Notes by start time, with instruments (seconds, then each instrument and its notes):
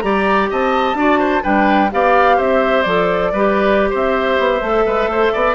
0.00 bassoon G3, clarinet G4, oboe D5, flute A#5
0.50 bassoon C4, oboe D#5, flute A5
0.94 bassoon D4, clarinet F#4, oboe D5
1.19 oboe C5
1.42 bassoon G3, clarinet D4, oboe B4, flute G5
1.91 bassoon B3, clarinet G4, oboe D5, flute F5
2.37 bassoon C4, oboe C5, flute E5
2.82 bassoon F3, clarinet A4, flute D5
3.32 bassoon G3, clarinet G4, oboe B4
3.90 bassoon C4, oboe C5, flute E5
4.38 bassoon B3
4.61 bassoon A3, clarinet A4
4.86 bassoon G#3, oboe B4
5.07 bassoon A3, oboe C5
5.33 bassoon B3, oboe D5